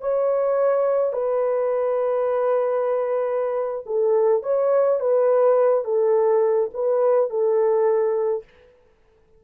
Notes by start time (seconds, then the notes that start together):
0.00 C#5
1.12 B4
3.85 A4
4.43 C#5
5.00 B4
5.84 A4
6.73 B4
7.30 A4